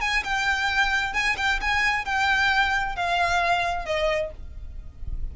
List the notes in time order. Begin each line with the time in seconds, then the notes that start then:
0.00 G#5
0.23 G5
1.13 G#5
1.37 G5
1.61 G#5
2.05 G5
2.96 F5
3.85 D#5